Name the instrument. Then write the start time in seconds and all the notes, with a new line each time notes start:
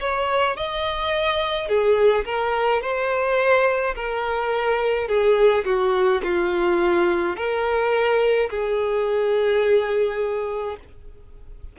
violin
0.00 C#5
0.56 D#5
1.68 G#4
2.25 A#4
2.81 C5
3.95 A#4
5.08 G#4
5.65 F#4
6.23 F4
7.36 A#4
8.50 G#4